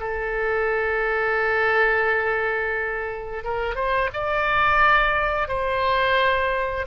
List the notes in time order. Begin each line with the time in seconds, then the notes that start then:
0.00 A4
3.44 A#4
3.75 C5
4.13 D5
5.48 C5